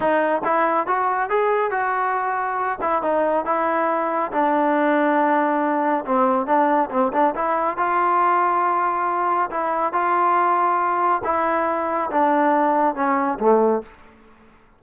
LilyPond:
\new Staff \with { instrumentName = "trombone" } { \time 4/4 \tempo 4 = 139 dis'4 e'4 fis'4 gis'4 | fis'2~ fis'8 e'8 dis'4 | e'2 d'2~ | d'2 c'4 d'4 |
c'8 d'8 e'4 f'2~ | f'2 e'4 f'4~ | f'2 e'2 | d'2 cis'4 a4 | }